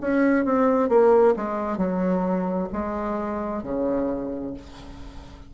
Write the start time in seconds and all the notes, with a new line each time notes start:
0.00 C#4
0.45 C4
0.88 A#3
1.36 G#3
1.77 F#3
2.72 G#3
3.62 C#3